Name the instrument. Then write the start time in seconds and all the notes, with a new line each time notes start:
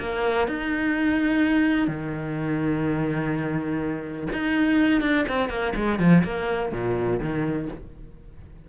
cello
0.00 A#3
0.48 D#4
1.88 D#3
4.33 D#4
5.02 D4
5.29 C4
5.50 A#3
5.76 G#3
6.00 F3
6.24 A#3
6.72 A#2
7.20 D#3